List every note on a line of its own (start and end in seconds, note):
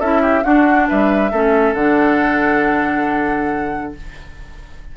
0.00 0.44 C#4
0.00 0.44 E4
0.00 0.22 A4
0.00 0.44 E5
0.22 0.44 G4
0.44 1.31 D4
0.44 0.88 D4
0.44 0.88 F#4
0.44 0.88 F#5
0.88 1.32 G3
0.88 1.31 B4
0.88 1.74 E5
1.31 1.74 A3
1.31 1.77 C#4
1.31 3.94 A4
1.74 3.93 D3
1.74 3.97 D4
1.74 3.93 F#5